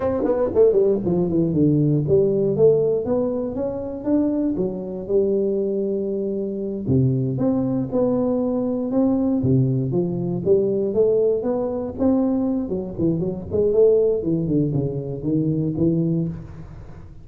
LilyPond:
\new Staff \with { instrumentName = "tuba" } { \time 4/4 \tempo 4 = 118 c'8 b8 a8 g8 f8 e8 d4 | g4 a4 b4 cis'4 | d'4 fis4 g2~ | g4. c4 c'4 b8~ |
b4. c'4 c4 f8~ | f8 g4 a4 b4 c'8~ | c'4 fis8 e8 fis8 gis8 a4 | e8 d8 cis4 dis4 e4 | }